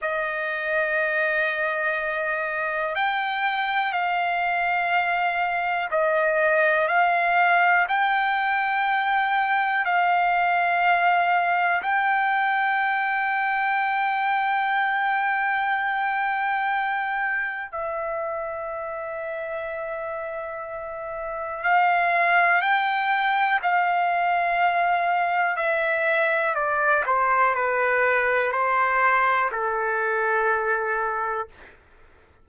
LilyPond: \new Staff \with { instrumentName = "trumpet" } { \time 4/4 \tempo 4 = 61 dis''2. g''4 | f''2 dis''4 f''4 | g''2 f''2 | g''1~ |
g''2 e''2~ | e''2 f''4 g''4 | f''2 e''4 d''8 c''8 | b'4 c''4 a'2 | }